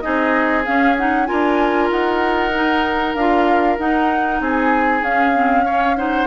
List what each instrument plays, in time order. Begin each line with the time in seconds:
0.00 bassoon C4, clarinet D#4, oboe G#4, flute D#5
0.64 clarinet C#4, bassoon C#4, flute F5
0.97 clarinet D#4, flute F#5
1.26 bassoon D4, clarinet F4, oboe A#4, flute G#5
1.90 bassoon D#4, flute F#5
2.54 clarinet D#4
3.14 bassoon D4, clarinet F4, flute F5
3.78 bassoon D#4, clarinet D#4, flute F#5
4.40 bassoon C4, oboe G#4, flute G#5
5.02 bassoon C#4, clarinet C#4, flute F5
5.34 clarinet C4
5.64 clarinet C#4, oboe C#5
5.96 clarinet D#4, oboe C5, flute F#5